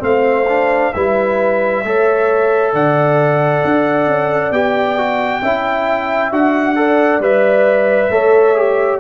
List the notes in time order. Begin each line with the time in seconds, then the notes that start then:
0.00 A3 C4 F5
0.06 C5
0.49 D4
0.94 G3 E4 B4 E5
1.84 A3 A4 C#5
2.74 D3 D5 F#5
3.65 D4
4.07 C#4
4.51 B3 G4 G5
4.98 F#4
5.43 C#4 E4 E5
6.32 D4 F#4 F#5
6.76 A4 D5
7.20 G3 B4 E5
8.10 A3 A4 C#5
8.57 G4